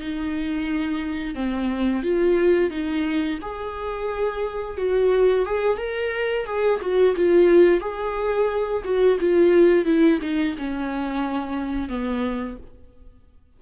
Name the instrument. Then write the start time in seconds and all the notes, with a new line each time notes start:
viola
0.00 D#4
1.35 C4
2.03 F4
2.70 D#4
3.41 G#4
4.77 F#4
5.45 G#4
5.77 A#4
6.45 G#4
6.81 F#4
7.16 F4
7.80 G#4
8.84 F#4
9.20 F4
9.85 E4
10.21 D#4
10.57 C#4
11.88 B3